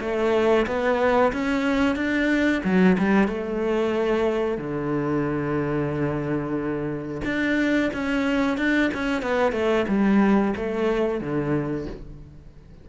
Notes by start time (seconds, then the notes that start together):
0.00 A3
0.66 B3
1.32 C#4
1.96 D4
2.64 F#3
2.98 G3
3.28 A3
4.57 D3
7.24 D4
7.93 C#4
8.57 D4
8.93 C#4
9.22 B3
9.52 A3
9.88 G3
10.56 A3
11.21 D3